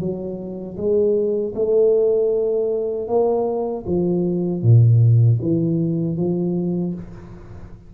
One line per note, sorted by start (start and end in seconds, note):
0.00 0.77 F#3
0.77 1.54 G#3
1.55 3.08 A3
3.08 3.85 A#3
3.86 4.62 F3
4.62 5.39 A#2
5.42 6.17 E3
6.17 6.94 F3